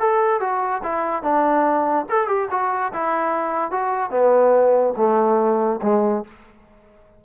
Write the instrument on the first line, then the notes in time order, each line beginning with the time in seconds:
trombone
0.00 A4
0.41 F#4
0.84 E4
1.23 D4
2.09 A4
2.28 G4
2.51 F#4
2.94 E4
3.71 F#4
4.11 B3
4.97 A3
5.83 G#3